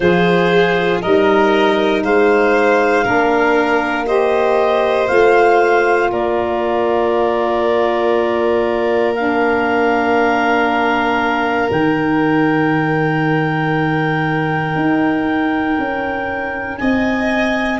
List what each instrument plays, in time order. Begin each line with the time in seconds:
0.00 tuba F3, saxophone F4, violin G#4, clarinet C5
1.01 tuba G3, saxophone D#4, violin A#4, clarinet D#5
2.03 tuba G#3, violin C5, clarinet F5
3.04 tuba A#3, saxophone D4, violin A#4
4.06 saxophone G4, violin C5, clarinet D#5
5.07 tuba A3, saxophone F4, clarinet F5
6.10 tuba A#3, violin A#4, clarinet D5
9.14 saxophone D4, clarinet F5
11.70 tuba D#3, saxophone D#4, clarinet G5
14.75 tuba D#4
15.78 tuba C#4
16.77 tuba C4, violin D#5, clarinet G#5